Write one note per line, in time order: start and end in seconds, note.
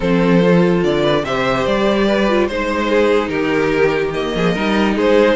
0.00 0.83 F3
0.00 0.41 C4
0.00 1.00 A4
0.00 0.83 C5
0.41 1.24 F4
0.83 1.23 D3
0.83 1.24 D5
1.02 1.22 B4
1.23 1.65 C3
1.23 2.29 G4
1.23 2.06 C5
1.23 1.66 E5
1.66 2.49 G3
1.66 2.47 D5
2.06 2.47 B4
2.29 2.49 F4
2.47 3.28 G#3
2.47 4.14 D#4
2.47 3.28 C5
2.47 2.89 C5
2.89 3.30 G#4
3.28 4.32 D#3
3.28 4.34 G4
3.28 4.11 A#4
4.14 4.55 A#3
4.14 4.97 D#5
4.35 4.55 F3
4.35 4.53 G#4
4.53 4.97 G3
4.53 5.36 D#4
4.53 4.94 A#4
4.95 5.36 G#3
4.95 5.36 G#4
4.95 5.36 C5